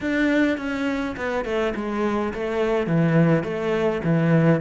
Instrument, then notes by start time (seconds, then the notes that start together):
cello
0.00 D4
0.57 C#4
1.16 B3
1.44 A3
1.75 G#3
2.33 A3
2.87 E3
3.43 A3
4.04 E3